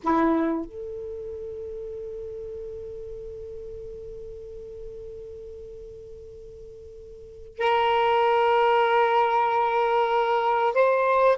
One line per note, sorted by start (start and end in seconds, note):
0.03 0.65 E4
0.65 7.58 A4
7.58 10.74 A#4
10.74 11.37 C5